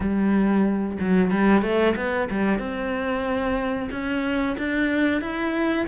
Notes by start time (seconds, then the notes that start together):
0.00 G3
1.00 F#3
1.30 G3
1.62 A3
1.96 B3
2.30 G3
2.58 C4
3.91 C#4
4.58 D4
5.21 E4